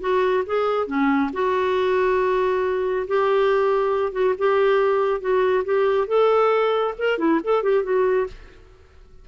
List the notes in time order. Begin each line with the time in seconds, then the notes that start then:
0.00 F#4
0.46 G#4
0.87 C#4
1.33 F#4
3.07 G4
4.12 F#4
4.38 G4
5.20 F#4
5.64 G4
6.07 A4
6.98 A#4
7.18 E4
7.43 A4
7.63 G4
7.83 F#4